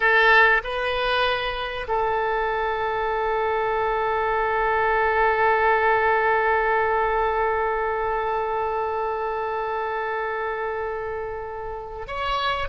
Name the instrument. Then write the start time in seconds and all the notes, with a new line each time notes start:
oboe
0.00 A4
0.63 B4
1.88 A4
12.07 C#5